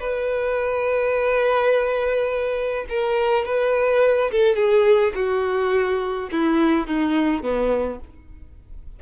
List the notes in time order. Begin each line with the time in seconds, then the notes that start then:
0.00 B4
2.89 A#4
3.45 B4
4.31 A4
4.56 G#4
5.15 F#4
6.32 E4
6.87 D#4
7.43 B3